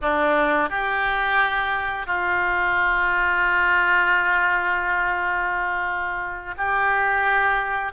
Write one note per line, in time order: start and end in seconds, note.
0.01 0.69 D4
0.69 2.06 G4
2.06 6.54 F4
6.57 7.92 G4